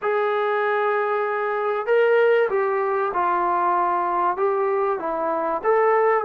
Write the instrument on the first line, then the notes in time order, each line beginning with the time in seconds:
trombone
0.01 G#4
1.86 A#4
2.49 G4
3.13 F4
4.36 G4
4.99 E4
5.63 A4